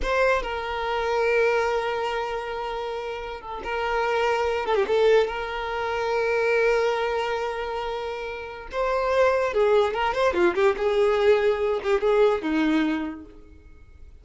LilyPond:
\new Staff \with { instrumentName = "violin" } { \time 4/4 \tempo 4 = 145 c''4 ais'2.~ | ais'1~ | ais'16 a'8 ais'2~ ais'8 a'16 g'16 a'16~ | a'8. ais'2.~ ais'16~ |
ais'1~ | ais'4 c''2 gis'4 | ais'8 c''8 f'8 g'8 gis'2~ | gis'8 g'8 gis'4 dis'2 | }